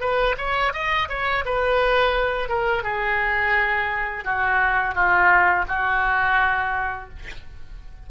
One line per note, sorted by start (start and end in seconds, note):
0.00 0.35 B4
0.37 0.73 C#5
0.73 1.08 D#5
1.09 1.44 C#5
1.45 2.48 B4
2.48 2.83 A#4
2.83 4.24 G#4
4.24 4.94 F#4
4.94 5.65 F4
5.68 7.09 F#4